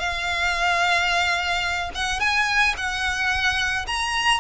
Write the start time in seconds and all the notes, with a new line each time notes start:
0.00 F5
1.95 F#5
2.20 G#5
2.77 F#5
3.87 A#5